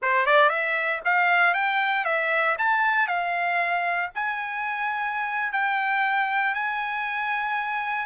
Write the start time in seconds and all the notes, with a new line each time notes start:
0.02 C5
0.26 D5
0.49 E5
1.04 F5
1.54 G5
2.04 E5
2.58 A5
3.07 F5
4.14 G#5
5.52 G5
6.54 G#5